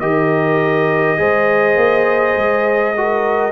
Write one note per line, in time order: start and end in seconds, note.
0.00 1.19 D#3
0.00 1.17 G4
0.00 1.19 A#4
0.00 3.52 D#5
1.17 1.76 G#3
1.17 2.94 G#4
1.17 2.96 C5
1.76 2.35 A#3
2.37 3.52 G#3
2.97 3.52 F#4
2.97 3.52 A#4